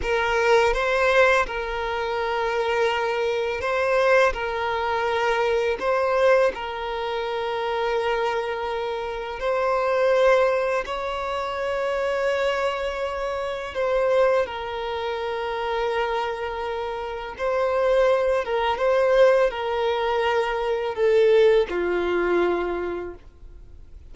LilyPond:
\new Staff \with { instrumentName = "violin" } { \time 4/4 \tempo 4 = 83 ais'4 c''4 ais'2~ | ais'4 c''4 ais'2 | c''4 ais'2.~ | ais'4 c''2 cis''4~ |
cis''2. c''4 | ais'1 | c''4. ais'8 c''4 ais'4~ | ais'4 a'4 f'2 | }